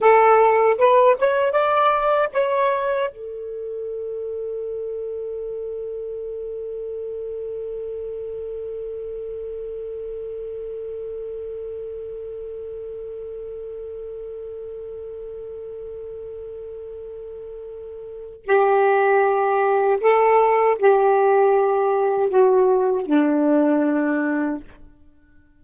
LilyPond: \new Staff \with { instrumentName = "saxophone" } { \time 4/4 \tempo 4 = 78 a'4 b'8 cis''8 d''4 cis''4 | a'1~ | a'1~ | a'1~ |
a'1~ | a'1 | g'2 a'4 g'4~ | g'4 fis'4 d'2 | }